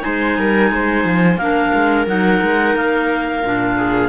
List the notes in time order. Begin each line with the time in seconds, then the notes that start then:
0.00 G#3 D#4 C5 G#5
0.38 G3 A#4
0.72 G#3 C5
1.05 F3
1.37 A#3 D4 A#4 F5
1.75 G#3
2.07 F#3 D#4 F#5
2.42 G#3
2.76 A#3 F5
3.44 A#2 D4
3.78 G#4